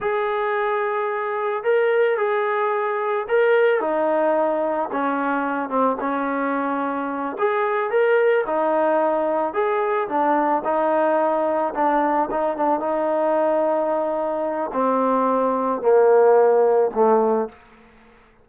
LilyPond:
\new Staff \with { instrumentName = "trombone" } { \time 4/4 \tempo 4 = 110 gis'2. ais'4 | gis'2 ais'4 dis'4~ | dis'4 cis'4. c'8 cis'4~ | cis'4. gis'4 ais'4 dis'8~ |
dis'4. gis'4 d'4 dis'8~ | dis'4. d'4 dis'8 d'8 dis'8~ | dis'2. c'4~ | c'4 ais2 a4 | }